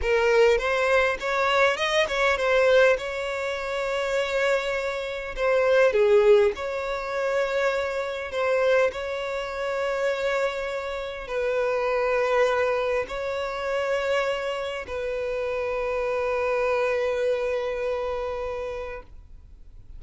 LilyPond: \new Staff \with { instrumentName = "violin" } { \time 4/4 \tempo 4 = 101 ais'4 c''4 cis''4 dis''8 cis''8 | c''4 cis''2.~ | cis''4 c''4 gis'4 cis''4~ | cis''2 c''4 cis''4~ |
cis''2. b'4~ | b'2 cis''2~ | cis''4 b'2.~ | b'1 | }